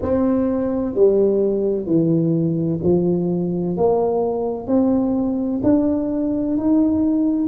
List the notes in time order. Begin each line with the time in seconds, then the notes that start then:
0.02 C4
0.94 G3
1.85 E3
2.83 F3
3.77 A#3
4.67 C4
5.63 D4
6.57 D#4